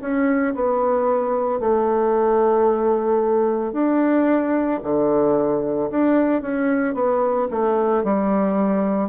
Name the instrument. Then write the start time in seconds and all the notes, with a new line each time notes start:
bassoon
0.00 C#4
0.54 B3
1.59 A3
3.72 D4
4.83 D3
5.90 D4
6.41 C#4
6.94 B3
7.50 A3
8.03 G3